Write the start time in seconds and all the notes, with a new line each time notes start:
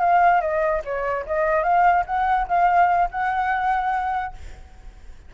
0.00 F5
0.41 D#5
0.85 C#5
1.26 D#5
1.64 F5
2.06 F#5
2.48 F5
3.11 F#5